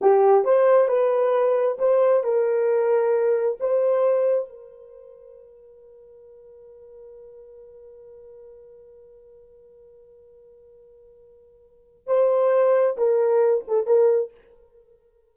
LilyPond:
\new Staff \with { instrumentName = "horn" } { \time 4/4 \tempo 4 = 134 g'4 c''4 b'2 | c''4 ais'2. | c''2 ais'2~ | ais'1~ |
ais'1~ | ais'1~ | ais'2. c''4~ | c''4 ais'4. a'8 ais'4 | }